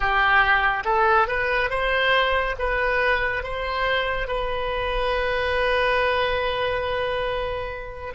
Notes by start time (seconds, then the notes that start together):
0.00 G4
0.85 A4
1.27 B4
1.69 C5
2.59 B4
3.43 C5
4.27 B4